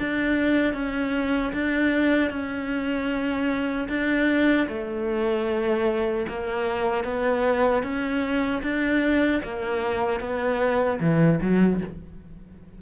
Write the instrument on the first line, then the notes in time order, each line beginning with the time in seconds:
cello
0.00 D4
0.74 C#4
1.54 D4
2.31 C#4
3.89 D4
4.69 A3
6.29 A#3
7.04 B3
7.83 C#4
8.63 D4
9.44 A#3
10.21 B3
11.01 E3
11.42 F#3